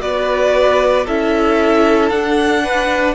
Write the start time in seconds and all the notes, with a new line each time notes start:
0.00 B3 F#4 B4 D5
1.05 C#4 E4 A4 E5
2.10 D4 F#5
2.64 B4